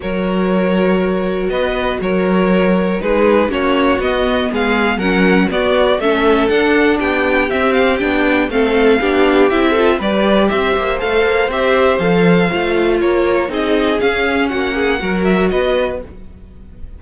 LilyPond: <<
  \new Staff \with { instrumentName = "violin" } { \time 4/4 \tempo 4 = 120 cis''2. dis''4 | cis''2 b'4 cis''4 | dis''4 f''4 fis''4 d''4 | e''4 fis''4 g''4 e''8 f''8 |
g''4 f''2 e''4 | d''4 e''4 f''4 e''4 | f''2 cis''4 dis''4 | f''4 fis''4. e''8 dis''4 | }
  \new Staff \with { instrumentName = "violin" } { \time 4/4 ais'2. b'4 | ais'2 gis'4 fis'4~ | fis'4 gis'4 ais'4 fis'4 | a'2 g'2~ |
g'4 a'4 g'4. a'8 | b'4 c''2.~ | c''2 ais'4 gis'4~ | gis'4 fis'8 gis'8 ais'4 b'4 | }
  \new Staff \with { instrumentName = "viola" } { \time 4/4 fis'1~ | fis'2 dis'4 cis'4 | b2 cis'4 b4 | cis'4 d'2 c'4 |
d'4 c'4 d'4 e'8 f'8 | g'2 a'4 g'4 | a'4 f'2 dis'4 | cis'2 fis'2 | }
  \new Staff \with { instrumentName = "cello" } { \time 4/4 fis2. b4 | fis2 gis4 ais4 | b4 gis4 fis4 b4 | a4 d'4 b4 c'4 |
b4 a4 b4 c'4 | g4 c'8 ais8 a8 ais8 c'4 | f4 a4 ais4 c'4 | cis'4 ais4 fis4 b4 | }
>>